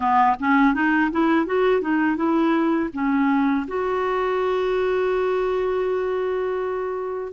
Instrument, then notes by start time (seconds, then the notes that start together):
clarinet
0.00 B3
0.39 C#4
0.74 D#4
1.11 E4
1.46 F#4
1.81 D#4
2.16 E4
2.93 C#4
3.67 F#4